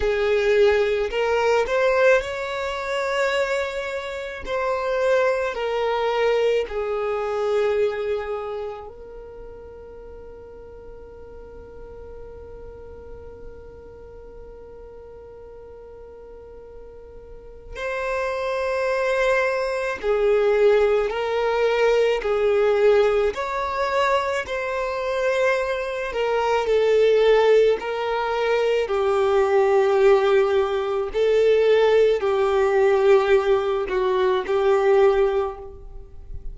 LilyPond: \new Staff \with { instrumentName = "violin" } { \time 4/4 \tempo 4 = 54 gis'4 ais'8 c''8 cis''2 | c''4 ais'4 gis'2 | ais'1~ | ais'1 |
c''2 gis'4 ais'4 | gis'4 cis''4 c''4. ais'8 | a'4 ais'4 g'2 | a'4 g'4. fis'8 g'4 | }